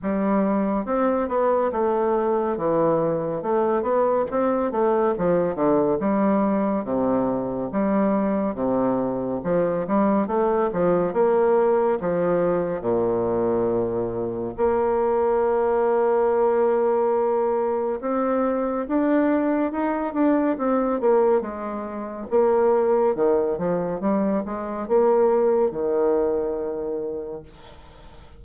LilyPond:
\new Staff \with { instrumentName = "bassoon" } { \time 4/4 \tempo 4 = 70 g4 c'8 b8 a4 e4 | a8 b8 c'8 a8 f8 d8 g4 | c4 g4 c4 f8 g8 | a8 f8 ais4 f4 ais,4~ |
ais,4 ais2.~ | ais4 c'4 d'4 dis'8 d'8 | c'8 ais8 gis4 ais4 dis8 f8 | g8 gis8 ais4 dis2 | }